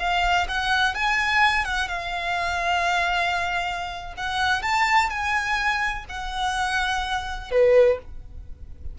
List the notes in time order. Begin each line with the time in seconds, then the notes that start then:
0.00 F5
0.48 F#5
0.95 G#5
1.65 F#5
1.89 F5
4.18 F#5
4.63 A5
5.10 G#5
6.10 F#5
7.51 B4